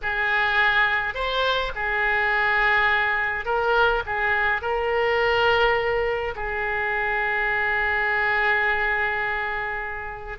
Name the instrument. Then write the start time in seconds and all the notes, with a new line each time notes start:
oboe
0.02 G#4
1.14 C5
1.75 G#4
3.45 A#4
4.05 G#4
4.61 A#4
6.35 G#4